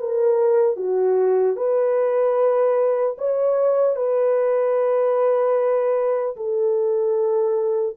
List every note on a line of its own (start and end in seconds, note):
0.00 0.76 A#4
0.76 1.56 F#4
1.56 3.16 B4
3.18 3.96 C#5
3.96 6.36 B4
6.36 7.96 A4